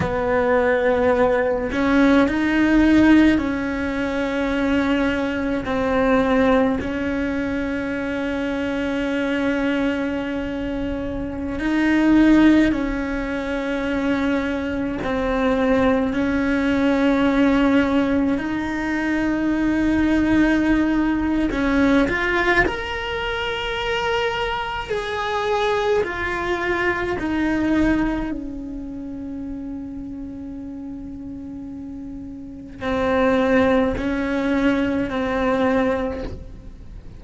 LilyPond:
\new Staff \with { instrumentName = "cello" } { \time 4/4 \tempo 4 = 53 b4. cis'8 dis'4 cis'4~ | cis'4 c'4 cis'2~ | cis'2~ cis'16 dis'4 cis'8.~ | cis'4~ cis'16 c'4 cis'4.~ cis'16~ |
cis'16 dis'2~ dis'8. cis'8 f'8 | ais'2 gis'4 f'4 | dis'4 cis'2.~ | cis'4 c'4 cis'4 c'4 | }